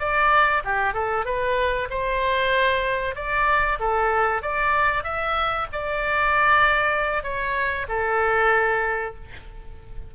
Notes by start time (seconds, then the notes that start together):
0.00 D5
0.65 G4
0.94 A4
1.25 B4
1.90 C5
3.16 D5
3.80 A4
4.42 D5
5.04 E5
5.73 D5
7.23 C#5
7.89 A4